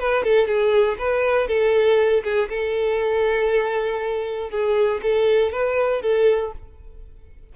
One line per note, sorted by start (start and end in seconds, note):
0.00 0.24 B4
0.24 0.48 A4
0.48 0.98 G#4
0.99 1.48 B4
1.48 2.24 A4
2.24 2.49 G#4
2.50 4.51 A4
4.51 5.01 G#4
5.03 5.53 A4
5.53 6.03 B4
6.03 6.53 A4